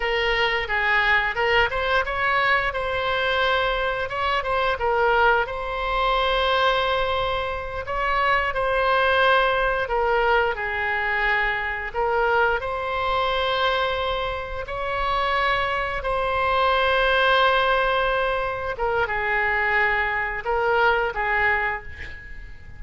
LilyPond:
\new Staff \with { instrumentName = "oboe" } { \time 4/4 \tempo 4 = 88 ais'4 gis'4 ais'8 c''8 cis''4 | c''2 cis''8 c''8 ais'4 | c''2.~ c''8 cis''8~ | cis''8 c''2 ais'4 gis'8~ |
gis'4. ais'4 c''4.~ | c''4. cis''2 c''8~ | c''2.~ c''8 ais'8 | gis'2 ais'4 gis'4 | }